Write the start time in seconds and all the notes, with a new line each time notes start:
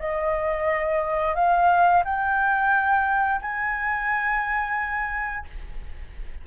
0.00 D#5
1.36 F5
2.05 G5
3.42 G#5